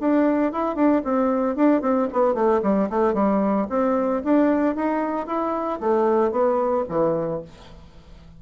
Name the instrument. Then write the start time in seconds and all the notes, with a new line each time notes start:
bassoon
0.00 D4
0.52 E4
0.75 D4
1.04 C4
1.56 D4
1.81 C4
2.13 B3
2.34 A3
2.63 G3
2.90 A3
3.14 G3
3.69 C4
4.24 D4
4.75 D#4
5.27 E4
5.80 A3
6.31 B3
6.89 E3